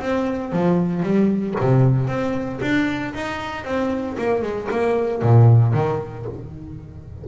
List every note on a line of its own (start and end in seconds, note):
0.00 0.52 C4
0.52 1.03 F3
1.03 1.55 G3
1.60 2.08 C3
2.08 2.60 C4
2.61 3.14 D4
3.14 3.64 D#4
3.64 4.16 C4
4.18 4.42 A#3
4.42 4.68 G#3
4.71 5.22 A#3
5.22 5.73 A#2
5.73 6.26 D#3